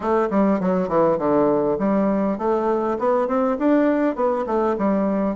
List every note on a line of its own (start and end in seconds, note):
0.00 0.28 A3
0.30 0.60 G3
0.60 0.88 F#3
0.88 1.18 E3
1.18 1.77 D3
1.78 2.38 G3
2.38 2.97 A3
2.99 3.27 B3
3.27 3.57 C4
3.58 4.15 D4
4.15 4.45 B3
4.46 4.76 A3
4.77 5.36 G3